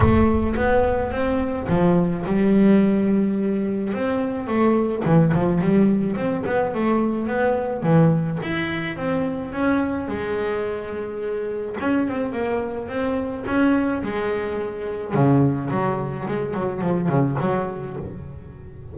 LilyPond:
\new Staff \with { instrumentName = "double bass" } { \time 4/4 \tempo 4 = 107 a4 b4 c'4 f4 | g2. c'4 | a4 e8 f8 g4 c'8 b8 | a4 b4 e4 e'4 |
c'4 cis'4 gis2~ | gis4 cis'8 c'8 ais4 c'4 | cis'4 gis2 cis4 | fis4 gis8 fis8 f8 cis8 fis4 | }